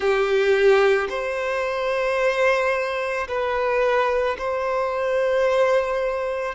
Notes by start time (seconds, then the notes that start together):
0.00 G4
1.09 C5
3.27 B4
4.38 C5